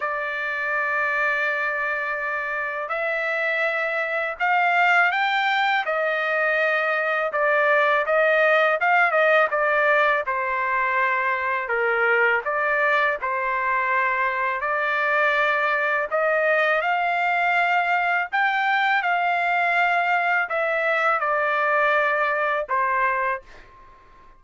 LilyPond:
\new Staff \with { instrumentName = "trumpet" } { \time 4/4 \tempo 4 = 82 d''1 | e''2 f''4 g''4 | dis''2 d''4 dis''4 | f''8 dis''8 d''4 c''2 |
ais'4 d''4 c''2 | d''2 dis''4 f''4~ | f''4 g''4 f''2 | e''4 d''2 c''4 | }